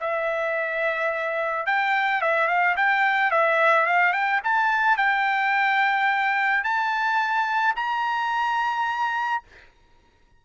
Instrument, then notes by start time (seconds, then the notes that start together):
trumpet
0.00 E5
1.66 G5
2.21 E5
2.47 F5
2.77 G5
3.31 E5
3.86 F5
4.13 G5
4.43 A5
4.97 G5
6.63 A5
7.76 A#5